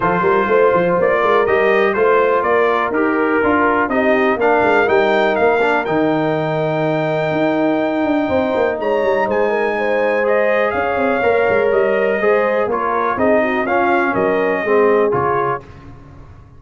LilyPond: <<
  \new Staff \with { instrumentName = "trumpet" } { \time 4/4 \tempo 4 = 123 c''2 d''4 dis''4 | c''4 d''4 ais'2 | dis''4 f''4 g''4 f''4 | g''1~ |
g''2 ais''4 gis''4~ | gis''4 dis''4 f''2 | dis''2 cis''4 dis''4 | f''4 dis''2 cis''4 | }
  \new Staff \with { instrumentName = "horn" } { \time 4/4 a'8 ais'8 c''4. ais'4. | c''4 ais'2. | g'4 ais'2.~ | ais'1~ |
ais'4 c''4 cis''4 c''8 ais'8 | c''2 cis''2~ | cis''4 c''4 ais'4 gis'8 fis'8 | f'4 ais'4 gis'2 | }
  \new Staff \with { instrumentName = "trombone" } { \time 4/4 f'2. g'4 | f'2 g'4 f'4 | dis'4 d'4 dis'4. d'8 | dis'1~ |
dis'1~ | dis'4 gis'2 ais'4~ | ais'4 gis'4 f'4 dis'4 | cis'2 c'4 f'4 | }
  \new Staff \with { instrumentName = "tuba" } { \time 4/4 f8 g8 a8 f8 ais8 gis8 g4 | a4 ais4 dis'4 d'4 | c'4 ais8 gis8 g4 ais4 | dis2. dis'4~ |
dis'8 d'8 c'8 ais8 gis8 g8 gis4~ | gis2 cis'8 c'8 ais8 gis8 | g4 gis4 ais4 c'4 | cis'4 fis4 gis4 cis4 | }
>>